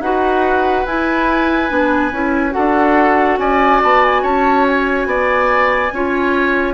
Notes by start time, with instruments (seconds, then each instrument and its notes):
0.00 bassoon D#4, clarinet F#4, oboe B4, flute F#5
0.86 bassoon E4, clarinet E4, flute G#5
1.69 bassoon B3, clarinet D4
2.12 bassoon C#4, clarinet E4
2.51 clarinet F#4, oboe A4, flute F#5
2.58 bassoon D4
3.39 bassoon C#4, oboe D5, flute G#5
3.84 bassoon B3, flute A5
4.05 flute G#5
4.23 bassoon C#4, oboe C#5, flute A5
4.68 flute G#5
5.06 bassoon B3, oboe D5
5.93 bassoon C#4, clarinet F4, oboe C#5